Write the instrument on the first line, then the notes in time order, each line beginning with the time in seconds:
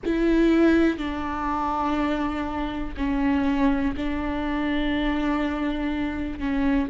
viola
0.05 E4
0.97 D4
2.96 C#4
3.96 D4
6.39 C#4